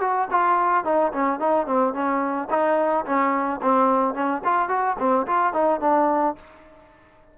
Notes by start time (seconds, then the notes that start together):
0.00 F#4
0.31 F4
0.84 D#4
1.12 C#4
1.39 D#4
1.66 C4
1.93 C#4
2.50 D#4
3.05 C#4
3.62 C4
4.14 C#4
4.44 F4
4.68 F#4
4.99 C4
5.26 F4
5.53 D#4
5.80 D4